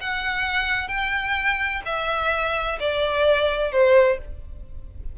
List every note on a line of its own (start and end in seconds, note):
0.00 0.88 F#5
0.88 1.81 G5
1.85 2.78 E5
2.79 3.71 D5
3.71 4.18 C5